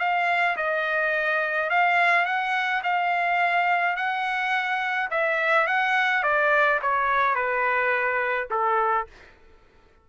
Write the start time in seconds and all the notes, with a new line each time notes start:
0.00 F5
0.57 D#5
1.70 F5
2.26 F#5
2.84 F5
3.96 F#5
5.11 E5
5.67 F#5
6.24 D5
6.82 C#5
7.36 B4
8.51 A4